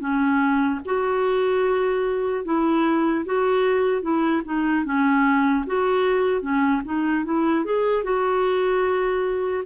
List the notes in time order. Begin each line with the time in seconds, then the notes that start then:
0.00 C#4
0.85 F#4
2.45 E4
3.25 F#4
4.02 E4
4.45 D#4
4.85 C#4
5.66 F#4
6.42 C#4
6.85 D#4
7.25 E4
7.65 G#4
8.03 F#4